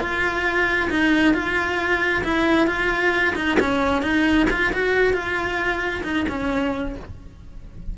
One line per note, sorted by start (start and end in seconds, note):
0.00 0.90 F4
0.90 1.34 D#4
1.34 2.23 F4
2.24 2.67 E4
2.67 3.34 F4
3.35 3.58 D#4
3.60 4.02 C#4
4.02 4.47 D#4
4.50 4.73 F4
4.73 5.14 F#4
5.14 6.03 F4
6.03 6.26 D#4
6.28 6.96 C#4